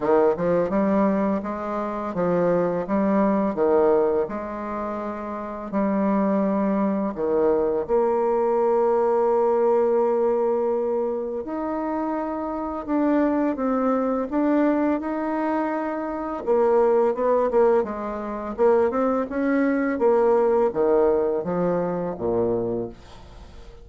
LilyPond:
\new Staff \with { instrumentName = "bassoon" } { \time 4/4 \tempo 4 = 84 dis8 f8 g4 gis4 f4 | g4 dis4 gis2 | g2 dis4 ais4~ | ais1 |
dis'2 d'4 c'4 | d'4 dis'2 ais4 | b8 ais8 gis4 ais8 c'8 cis'4 | ais4 dis4 f4 ais,4 | }